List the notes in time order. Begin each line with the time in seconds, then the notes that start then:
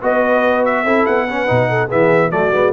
0.00 B3 F#4 B4 D#5
0.65 E5
0.83 C4 E4 A4
1.06 B3 F#5
1.28 C#4 B4
1.47 B2 D#4
1.69 A4
1.87 E3 B3 G#4 E5
2.31 F#3 A3 F#4 D5
2.52 G#3 B3